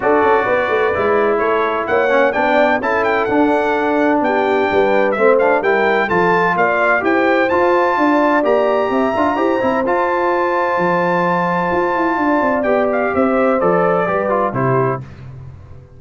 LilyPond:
<<
  \new Staff \with { instrumentName = "trumpet" } { \time 4/4 \tempo 4 = 128 d''2. cis''4 | fis''4 g''4 a''8 g''8 fis''4~ | fis''4 g''2 e''8 f''8 | g''4 a''4 f''4 g''4 |
a''2 ais''2~ | ais''4 a''2.~ | a''2. g''8 f''8 | e''4 d''2 c''4 | }
  \new Staff \with { instrumentName = "horn" } { \time 4/4 a'4 b'2 a'4 | cis''4 d''4 a'2~ | a'4 g'4 b'4 c''4 | ais'4 a'4 d''4 c''4~ |
c''4 d''2 e''4 | c''1~ | c''2 d''2 | c''2 b'4 g'4 | }
  \new Staff \with { instrumentName = "trombone" } { \time 4/4 fis'2 e'2~ | e'8 cis'8 d'4 e'4 d'4~ | d'2. c'8 d'8 | e'4 f'2 g'4 |
f'2 g'4. f'8 | g'8 e'8 f'2.~ | f'2. g'4~ | g'4 a'4 g'8 f'8 e'4 | }
  \new Staff \with { instrumentName = "tuba" } { \time 4/4 d'8 cis'8 b8 a8 gis4 a4 | ais4 b4 cis'4 d'4~ | d'4 b4 g4 a4 | g4 f4 ais4 e'4 |
f'4 d'4 ais4 c'8 d'8 | e'8 c'8 f'2 f4~ | f4 f'8 e'8 d'8 c'8 b4 | c'4 f4 g4 c4 | }
>>